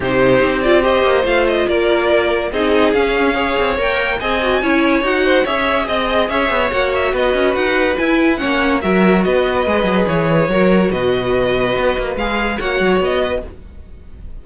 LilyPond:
<<
  \new Staff \with { instrumentName = "violin" } { \time 4/4 \tempo 4 = 143 c''4. d''8 dis''4 f''8 dis''8 | d''2 dis''4 f''4~ | f''4 g''4 gis''2 | fis''4 e''4 dis''4 e''4 |
fis''8 e''8 dis''4 fis''4 gis''4 | fis''4 e''4 dis''2 | cis''2 dis''2~ | dis''4 f''4 fis''4 dis''4 | }
  \new Staff \with { instrumentName = "violin" } { \time 4/4 g'2 c''2 | ais'2 gis'2 | cis''2 dis''4 cis''4~ | cis''8 c''8 cis''4 dis''4 cis''4~ |
cis''4 b'2. | cis''4 ais'4 b'2~ | b'4 ais'4 b'2~ | b'2 cis''4. b'8 | }
  \new Staff \with { instrumentName = "viola" } { \time 4/4 dis'4. f'8 g'4 f'4~ | f'2 dis'4 cis'4 | gis'4 ais'4 gis'8 fis'8 e'4 | fis'4 gis'2. |
fis'2. e'4 | cis'4 fis'2 gis'4~ | gis'4 fis'2.~ | fis'4 gis'4 fis'2 | }
  \new Staff \with { instrumentName = "cello" } { \time 4/4 c4 c'4. ais8 a4 | ais2 c'4 cis'4~ | cis'8 c'8 ais4 c'4 cis'4 | dis'4 cis'4 c'4 cis'8 b8 |
ais4 b8 cis'8 dis'4 e'4 | ais4 fis4 b4 gis8 fis8 | e4 fis4 b,2 | b8 ais8 gis4 ais8 fis8 b4 | }
>>